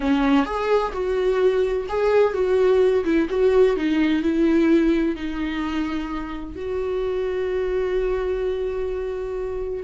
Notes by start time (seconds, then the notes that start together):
0.00 C#4
0.45 G#4
0.93 F#4
1.89 G#4
2.33 F#4
3.04 E4
3.29 F#4
3.76 D#4
4.22 E4
5.15 D#4
6.55 F#4